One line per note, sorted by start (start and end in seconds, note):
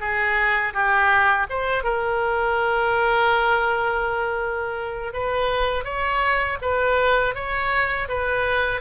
0.00 0.73 G#4
0.74 1.47 G4
1.50 1.84 C5
1.84 5.13 A#4
5.13 5.84 B4
5.84 6.58 C#5
6.62 7.35 B4
7.35 8.08 C#5
8.09 8.81 B4